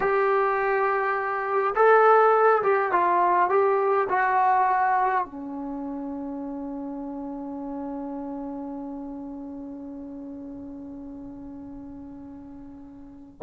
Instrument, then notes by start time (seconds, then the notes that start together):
trombone
0.00 G4
1.75 A4
2.62 G4
2.92 F4
3.49 G4
4.09 F#4
5.25 C#4